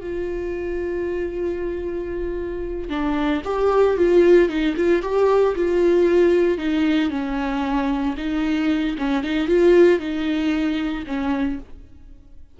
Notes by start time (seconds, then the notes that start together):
0.00 F4
2.89 D4
3.44 G4
3.97 F4
4.49 D#4
4.77 F4
5.02 G4
5.55 F4
6.58 D#4
7.10 C#4
8.17 D#4
8.98 C#4
9.23 D#4
9.47 F4
9.99 D#4
11.06 C#4